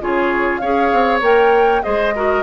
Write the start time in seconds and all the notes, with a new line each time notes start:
0.00 C#3 F4 G#4 C#5
0.58 C#4 G#4 C#5 F5
0.92 C4
1.21 A#3 A#4 G5
1.83 G#3 G#4 C5 D#5
2.15 F#4 A#4